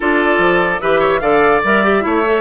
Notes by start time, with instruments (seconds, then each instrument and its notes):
0.00 bassoon D4, clarinet F4, oboe A4, flute D5
0.38 bassoon F3
0.80 bassoon E3, clarinet G4, oboe B4, flute E5
0.99 oboe C#5
1.19 bassoon D3, clarinet A4, oboe D5, flute F5
1.64 bassoon G3, clarinet A#4, flute E5
1.83 clarinet G4
2.01 bassoon A3, clarinet E4, oboe C#5
2.26 clarinet A4